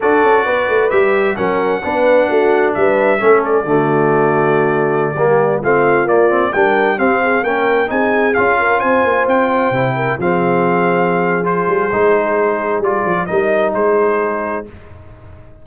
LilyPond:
<<
  \new Staff \with { instrumentName = "trumpet" } { \time 4/4 \tempo 4 = 131 d''2 e''4 fis''4~ | fis''2 e''4. d''8~ | d''1~ | d''16 f''4 d''4 g''4 f''8.~ |
f''16 g''4 gis''4 f''4 gis''8.~ | gis''16 g''2 f''4.~ f''16~ | f''4 c''2. | d''4 dis''4 c''2 | }
  \new Staff \with { instrumentName = "horn" } { \time 4/4 a'4 b'2 ais'4 | b'4 fis'4 b'4 a'4 | fis'2.~ fis'16 g'8.~ | g'16 f'2 ais'4 g'8 gis'16~ |
gis'16 ais'4 gis'4. ais'8 c''8.~ | c''4.~ c''16 ais'8 gis'4.~ gis'16~ | gis'1~ | gis'4 ais'4 gis'2 | }
  \new Staff \with { instrumentName = "trombone" } { \time 4/4 fis'2 g'4 cis'4 | d'2. cis'4 | a2.~ a16 ais8.~ | ais16 c'4 ais8 c'8 d'4 c'8.~ |
c'16 cis'4 dis'4 f'4.~ f'16~ | f'4~ f'16 e'4 c'4.~ c'16~ | c'4 f'4 dis'2 | f'4 dis'2. | }
  \new Staff \with { instrumentName = "tuba" } { \time 4/4 d'8 cis'8 b8 a8 g4 fis4 | b4 a4 g4 a4 | d2.~ d16 g8.~ | g16 a4 ais4 g4 c'8.~ |
c'16 ais4 c'4 cis'4 c'8 ais16~ | ais16 c'4 c4 f4.~ f16~ | f4. g8 gis2 | g8 f8 g4 gis2 | }
>>